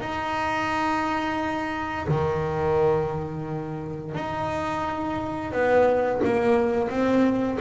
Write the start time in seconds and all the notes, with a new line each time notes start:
0.00 D#4
2.08 D#3
4.14 D#4
5.52 B3
6.24 A#3
6.89 C4